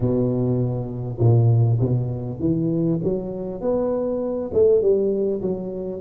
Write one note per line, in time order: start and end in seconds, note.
0.00 1.18 B2
1.19 1.79 A#2
1.80 2.39 B2
2.39 2.99 E3
3.03 3.61 F#3
3.61 4.51 B3
4.53 4.81 A3
4.81 5.41 G3
5.41 6.00 F#3